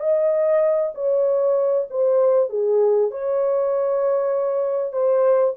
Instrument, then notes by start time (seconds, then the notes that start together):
horn
0.00 D#5
0.95 C#5
1.90 C5
2.50 G#4
3.11 C#5
4.93 C5